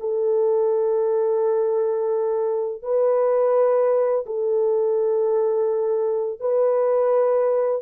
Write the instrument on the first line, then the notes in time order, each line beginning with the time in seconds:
horn
0.00 A4
2.82 B4
4.26 A4
6.40 B4